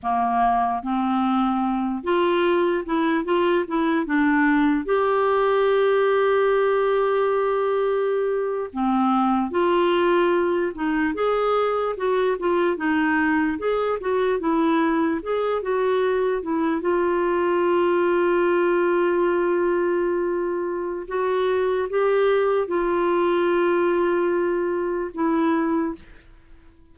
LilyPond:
\new Staff \with { instrumentName = "clarinet" } { \time 4/4 \tempo 4 = 74 ais4 c'4. f'4 e'8 | f'8 e'8 d'4 g'2~ | g'2~ g'8. c'4 f'16~ | f'4~ f'16 dis'8 gis'4 fis'8 f'8 dis'16~ |
dis'8. gis'8 fis'8 e'4 gis'8 fis'8.~ | fis'16 e'8 f'2.~ f'16~ | f'2 fis'4 g'4 | f'2. e'4 | }